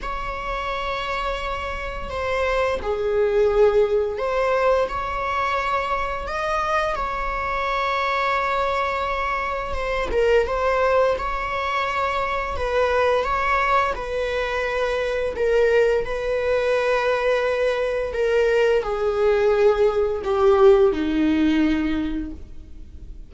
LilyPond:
\new Staff \with { instrumentName = "viola" } { \time 4/4 \tempo 4 = 86 cis''2. c''4 | gis'2 c''4 cis''4~ | cis''4 dis''4 cis''2~ | cis''2 c''8 ais'8 c''4 |
cis''2 b'4 cis''4 | b'2 ais'4 b'4~ | b'2 ais'4 gis'4~ | gis'4 g'4 dis'2 | }